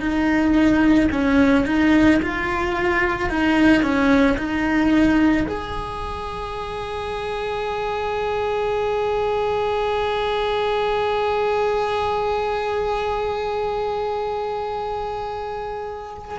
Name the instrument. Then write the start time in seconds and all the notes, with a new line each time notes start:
cello
0.00 D#4
1.12 C#4
1.66 D#4
2.22 F4
3.29 D#4
3.82 C#4
4.37 D#4
5.47 G#4